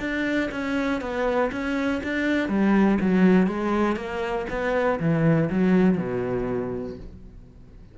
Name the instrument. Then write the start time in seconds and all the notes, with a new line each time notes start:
cello
0.00 D4
0.52 C#4
1.01 B3
1.52 C#4
2.04 D4
2.49 G3
3.01 F#3
3.47 G#3
3.96 A#3
4.50 B3
5.00 E3
5.50 F#3
5.98 B2